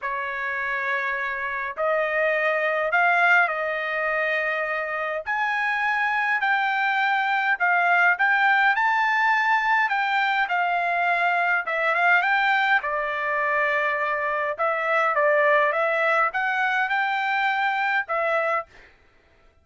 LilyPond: \new Staff \with { instrumentName = "trumpet" } { \time 4/4 \tempo 4 = 103 cis''2. dis''4~ | dis''4 f''4 dis''2~ | dis''4 gis''2 g''4~ | g''4 f''4 g''4 a''4~ |
a''4 g''4 f''2 | e''8 f''8 g''4 d''2~ | d''4 e''4 d''4 e''4 | fis''4 g''2 e''4 | }